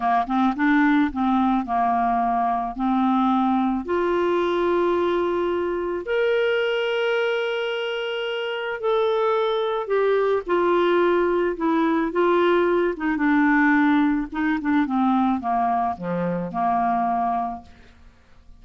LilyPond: \new Staff \with { instrumentName = "clarinet" } { \time 4/4 \tempo 4 = 109 ais8 c'8 d'4 c'4 ais4~ | ais4 c'2 f'4~ | f'2. ais'4~ | ais'1 |
a'2 g'4 f'4~ | f'4 e'4 f'4. dis'8 | d'2 dis'8 d'8 c'4 | ais4 f4 ais2 | }